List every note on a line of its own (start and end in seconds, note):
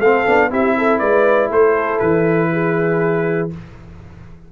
0.00 0.25 A3
0.00 0.27 C4
0.00 0.50 A4
0.00 0.51 F5
0.27 0.52 B3
0.27 0.50 D4
0.50 1.01 C4
0.50 3.50 E4
0.50 0.76 G4
0.50 0.99 E5
0.78 1.00 A4
0.99 1.50 G#3
0.99 1.50 B4
0.99 1.49 D5
1.50 2.00 A3
1.50 2.50 A4
1.50 1.99 C5
1.99 3.52 E3
1.99 3.49 B4
2.52 3.52 G#4